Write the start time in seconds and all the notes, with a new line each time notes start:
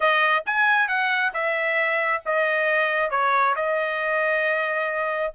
0.00 D#5
0.46 G#5
0.87 F#5
1.33 E5
2.25 D#5
3.10 C#5
3.55 D#5